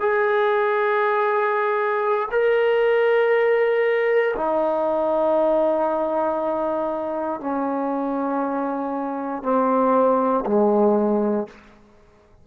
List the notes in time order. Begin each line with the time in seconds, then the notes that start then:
0.00 G#4
2.32 A#4
4.36 D#4
7.41 C#4
9.43 C4
10.46 G#3